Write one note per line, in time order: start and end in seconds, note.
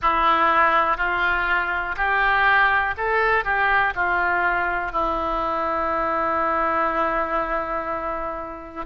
0.01 0.97 E4
0.97 1.95 F4
1.96 2.94 G4
2.97 3.44 A4
3.44 3.93 G4
3.95 4.92 F4
4.92 8.85 E4